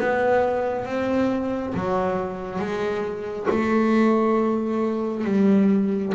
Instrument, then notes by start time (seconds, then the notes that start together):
double bass
0.00 B3
0.85 C4
1.74 F#3
2.59 G#3
3.50 A3
5.25 G3